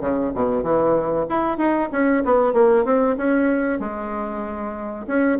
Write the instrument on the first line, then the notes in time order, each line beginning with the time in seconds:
bassoon
0.00 C#3
0.34 B2
0.63 E3
1.29 E4
1.57 D#4
1.91 C#4
2.24 B3
2.53 A#3
2.84 C4
3.17 C#4
3.79 G#3
5.07 C#4